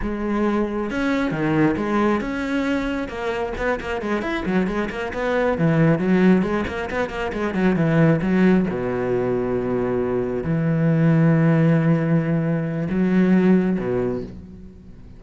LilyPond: \new Staff \with { instrumentName = "cello" } { \time 4/4 \tempo 4 = 135 gis2 cis'4 dis4 | gis4 cis'2 ais4 | b8 ais8 gis8 e'8 fis8 gis8 ais8 b8~ | b8 e4 fis4 gis8 ais8 b8 |
ais8 gis8 fis8 e4 fis4 b,8~ | b,2.~ b,8 e8~ | e1~ | e4 fis2 b,4 | }